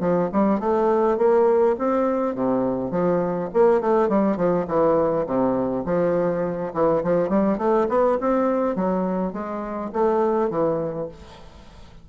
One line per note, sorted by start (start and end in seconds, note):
0.00 0.29 F3
0.32 0.59 G3
0.59 1.18 A3
1.18 1.76 A#3
1.78 2.35 C4
2.35 2.91 C3
2.91 3.49 F3
3.54 3.81 A#3
3.81 4.09 A3
4.09 4.37 G3
4.37 4.66 F3
4.68 5.26 E3
5.26 5.84 C3
5.85 6.73 F3
6.73 7.02 E3
7.04 7.29 F3
7.29 7.58 G3
7.58 7.87 A3
7.89 8.18 B3
8.20 8.75 C4
8.75 9.33 F#3
9.33 9.91 G#3
9.93 10.50 A3
10.50 11.08 E3